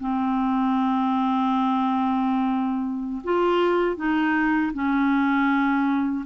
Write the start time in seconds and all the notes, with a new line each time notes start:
0.00 C4
3.24 F4
3.97 D#4
4.74 C#4